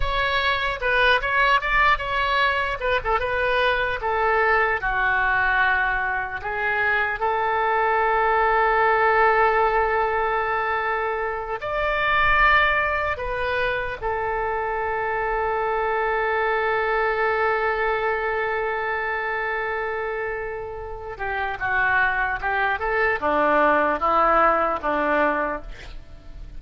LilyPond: \new Staff \with { instrumentName = "oboe" } { \time 4/4 \tempo 4 = 75 cis''4 b'8 cis''8 d''8 cis''4 b'16 a'16 | b'4 a'4 fis'2 | gis'4 a'2.~ | a'2~ a'8 d''4.~ |
d''8 b'4 a'2~ a'8~ | a'1~ | a'2~ a'8 g'8 fis'4 | g'8 a'8 d'4 e'4 d'4 | }